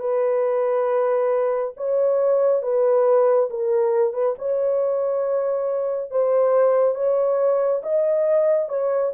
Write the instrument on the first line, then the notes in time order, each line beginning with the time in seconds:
horn
0.00 B4
1.77 C#5
2.62 B4
3.50 A#4
4.13 B4
4.39 C#5
6.11 C5
6.95 C#5
7.83 D#5
8.69 C#5